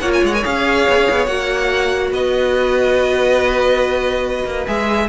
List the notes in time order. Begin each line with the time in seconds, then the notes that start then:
0.00 A#3 F4 C#5 F#5
0.13 G#5
0.23 G#3 F#5
0.34 A#4 G#5
0.43 C#4 G#4 F5
0.89 B3
0.97 C#4
1.10 B3
1.26 A#3 F#4 F#5
2.11 B3 B4 D#5
4.45 A#3
4.67 G#3 G#4 E5